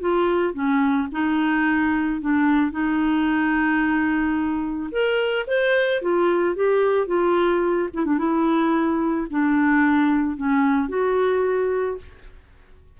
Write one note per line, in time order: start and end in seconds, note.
0.00 0.54 F4
0.54 1.08 C#4
1.12 2.21 D#4
2.21 2.71 D4
2.71 4.89 D#4
4.91 5.46 A#4
5.47 6.01 C5
6.01 6.55 F4
6.55 7.07 G4
7.07 7.88 F4
7.93 8.05 E4
8.05 8.18 D4
8.18 9.27 E4
9.30 10.36 D4
10.36 10.88 C#4
10.88 11.98 F#4